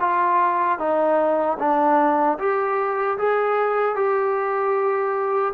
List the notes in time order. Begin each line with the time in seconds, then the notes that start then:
0.00 F4
0.79 D#4
1.59 D4
2.39 G4
3.18 G#4
3.95 G4